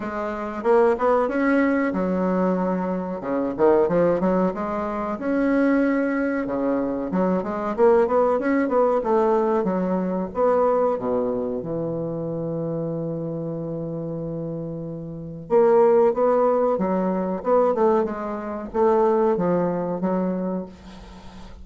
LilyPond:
\new Staff \with { instrumentName = "bassoon" } { \time 4/4 \tempo 4 = 93 gis4 ais8 b8 cis'4 fis4~ | fis4 cis8 dis8 f8 fis8 gis4 | cis'2 cis4 fis8 gis8 | ais8 b8 cis'8 b8 a4 fis4 |
b4 b,4 e2~ | e1 | ais4 b4 fis4 b8 a8 | gis4 a4 f4 fis4 | }